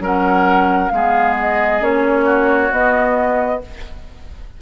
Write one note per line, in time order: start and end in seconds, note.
0.00 0.90 F#3
0.00 0.90 C#4
0.00 0.92 A#4
0.00 0.89 F#5
0.89 1.81 G#3
0.89 1.80 B3
0.89 2.25 G#4
0.89 1.34 F5
1.39 1.83 D#5
1.80 2.70 A#3
1.80 2.69 C#4
1.80 2.72 C#5
2.25 3.59 F#4
2.71 3.61 B3
2.71 3.61 D#5